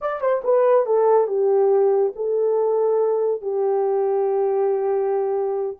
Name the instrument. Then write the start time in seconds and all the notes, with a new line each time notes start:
horn
0.01 D5
0.20 C5
0.44 B4
0.86 A4
1.27 G4
2.15 A4
3.41 G4